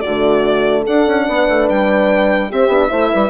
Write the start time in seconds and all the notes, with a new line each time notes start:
0.00 D3 F#4 D5
0.07 A3
0.83 D4 A4 F#5
1.06 C#4
1.27 B3 B4
1.48 A3
1.69 G3 G5
2.50 C4 G4 E5
2.67 B3 D4
2.88 A3 E4 C5
3.12 G3 B4